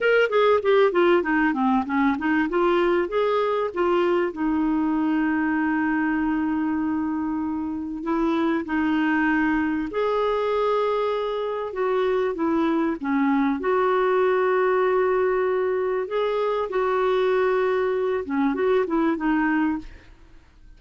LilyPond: \new Staff \with { instrumentName = "clarinet" } { \time 4/4 \tempo 4 = 97 ais'8 gis'8 g'8 f'8 dis'8 c'8 cis'8 dis'8 | f'4 gis'4 f'4 dis'4~ | dis'1~ | dis'4 e'4 dis'2 |
gis'2. fis'4 | e'4 cis'4 fis'2~ | fis'2 gis'4 fis'4~ | fis'4. cis'8 fis'8 e'8 dis'4 | }